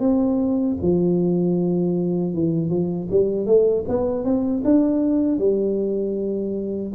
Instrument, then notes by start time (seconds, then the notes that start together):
tuba
0.00 C4
0.82 F3
2.34 E3
2.70 F3
3.11 G3
3.47 A3
3.88 B3
4.25 C4
4.65 D4
5.39 G3